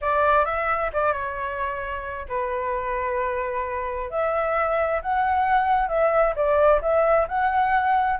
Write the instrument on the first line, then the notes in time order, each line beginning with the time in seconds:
flute
0.01 D5
0.45 E5
0.93 D5
1.12 C#5
2.28 B4
4.10 E5
5.01 F#5
5.88 E5
6.35 D5
6.81 E5
7.28 F#5